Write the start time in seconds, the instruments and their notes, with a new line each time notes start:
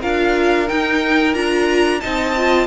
0.00 cello D4, viola F4, violin A#4 F5
0.67 viola D#4, cello D#4, violin G5
1.34 cello D4, viola F4, violin A#5
2.01 cello C4, viola D#4, violin D#5 A5
2.37 viola F4